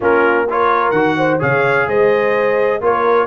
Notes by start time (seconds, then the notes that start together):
0.00 A#3 C#4 F4 A#4
0.48 F4 A#4 C#5
0.90 D#3 F#4 F#5
1.17 C5
1.39 C#3 G#4 C#5 F5
1.87 G#3 C5 D#5
2.81 A#3 F4 A#4 C#5